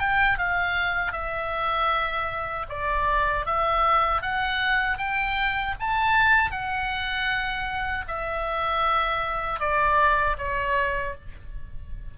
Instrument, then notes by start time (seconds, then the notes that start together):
oboe
0.00 G5
0.38 F5
1.13 E5
2.70 D5
3.46 E5
4.22 F#5
4.98 G5
5.80 A5
6.52 F#5
8.08 E5
9.60 D5
10.38 C#5